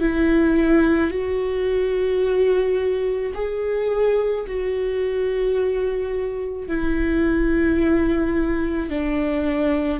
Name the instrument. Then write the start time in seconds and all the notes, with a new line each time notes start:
viola
0.00 E4
1.11 F#4
3.34 G#4
4.47 F#4
6.68 E4
8.89 D4